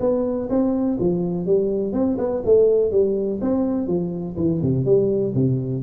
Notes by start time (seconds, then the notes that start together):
0.00 B3
0.50 C4
1.00 F3
1.46 G3
1.93 C4
2.18 B3
2.45 A3
2.91 G3
3.41 C4
3.87 F3
4.37 E3
4.62 C3
4.85 G3
5.35 C3